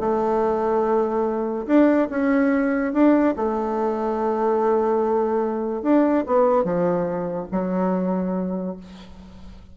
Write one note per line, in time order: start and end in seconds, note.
0.00 1.67 A3
1.67 2.09 D4
2.10 2.93 C#4
2.93 3.35 D4
3.36 5.83 A3
5.83 6.24 D4
6.27 6.64 B3
6.64 7.47 F3
7.52 8.77 F#3